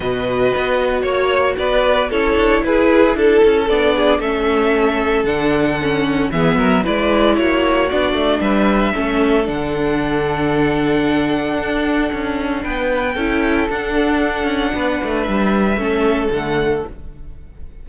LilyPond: <<
  \new Staff \with { instrumentName = "violin" } { \time 4/4 \tempo 4 = 114 dis''2 cis''4 d''4 | cis''4 b'4 a'4 d''4 | e''2 fis''2 | e''4 d''4 cis''4 d''4 |
e''2 fis''2~ | fis''1 | g''2 fis''2~ | fis''4 e''2 fis''4 | }
  \new Staff \with { instrumentName = "violin" } { \time 4/4 b'2 cis''4 b'4 | a'4 gis'4 a'4. gis'8 | a'1 | gis'8 ais'8 b'4 fis'2 |
b'4 a'2.~ | a'1 | b'4 a'2. | b'2 a'2 | }
  \new Staff \with { instrumentName = "viola" } { \time 4/4 fis'1 | e'2. d'4 | cis'2 d'4 cis'4 | b4 e'2 d'4~ |
d'4 cis'4 d'2~ | d'1~ | d'4 e'4 d'2~ | d'2 cis'4 a4 | }
  \new Staff \with { instrumentName = "cello" } { \time 4/4 b,4 b4 ais4 b4 | cis'8 d'8 e'4 d'8 cis'8 b4 | a2 d2 | e8 fis8 gis4 ais4 b8 a8 |
g4 a4 d2~ | d2 d'4 cis'4 | b4 cis'4 d'4. cis'8 | b8 a8 g4 a4 d4 | }
>>